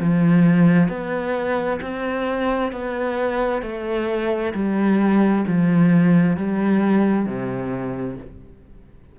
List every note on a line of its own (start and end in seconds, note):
0.00 0.89 F3
0.89 1.80 B3
1.81 2.72 C4
2.72 3.62 B3
3.62 4.53 A3
4.54 5.45 G3
5.48 6.37 F3
6.37 7.26 G3
7.26 8.17 C3